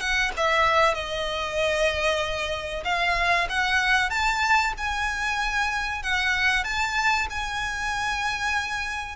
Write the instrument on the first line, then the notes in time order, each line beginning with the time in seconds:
violin
0.00 F#5
0.37 E5
0.94 D#5
2.85 F5
3.49 F#5
4.10 A5
4.78 G#5
6.03 F#5
6.64 A5
7.30 G#5